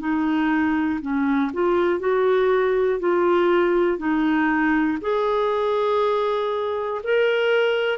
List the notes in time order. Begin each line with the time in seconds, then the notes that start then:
0.00 D#4
1.01 C#4
1.54 F4
2.00 F#4
3.00 F4
3.99 D#4
5.01 G#4
7.04 A#4